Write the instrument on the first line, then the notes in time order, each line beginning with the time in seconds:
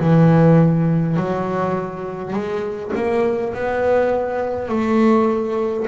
double bass
0.00 E3
1.17 F#3
2.33 G#3
2.95 A#3
3.54 B3
4.68 A3